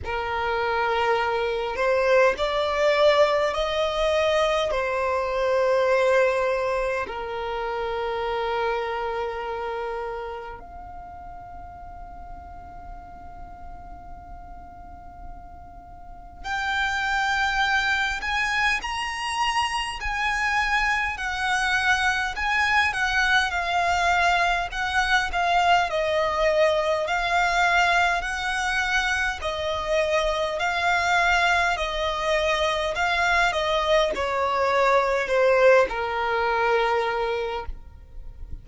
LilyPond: \new Staff \with { instrumentName = "violin" } { \time 4/4 \tempo 4 = 51 ais'4. c''8 d''4 dis''4 | c''2 ais'2~ | ais'4 f''2.~ | f''2 g''4. gis''8 |
ais''4 gis''4 fis''4 gis''8 fis''8 | f''4 fis''8 f''8 dis''4 f''4 | fis''4 dis''4 f''4 dis''4 | f''8 dis''8 cis''4 c''8 ais'4. | }